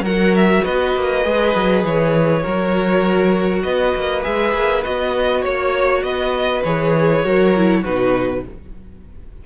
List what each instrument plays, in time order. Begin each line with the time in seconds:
0.00 cello F#3, violin A#4 F#5
0.07 viola F#4
0.35 violin E5
0.64 cello B3, violin B4 D#5
0.95 cello A#3
1.23 cello G#3, viola G#4
1.55 cello F#3
1.84 cello E3, violin C#5
2.42 cello F#3, viola F#4, violin A#4
3.62 cello B3, violin B4 D#5
3.95 cello A#3
4.22 cello G#3, viola G#4, violin E5
4.54 cello A#3
4.84 cello B3, viola F#4, violin D#5
5.41 cello A#3, violin C#5
6.03 cello B3, violin B4 D#5
6.63 cello E3, viola G#4, violin C#5
7.24 cello F#3, viola F#4, violin A#4
7.56 viola E4
7.81 cello B2, viola D#4, violin F#4 B4